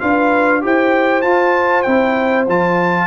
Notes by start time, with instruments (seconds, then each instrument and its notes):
0.00 tuba D4, trombone F4, horn B4, trumpet F5
0.62 tuba E4, trombone G4, horn C5, trumpet G5
1.22 tuba F4, trombone F4, trumpet A5
1.83 tuba C4, trombone E4, trumpet G5
2.49 tuba F3, trombone F4, trumpet A5